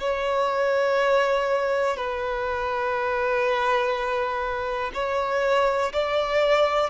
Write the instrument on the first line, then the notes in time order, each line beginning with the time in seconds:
violin
0.00 C#5
1.97 B4
4.94 C#5
5.93 D5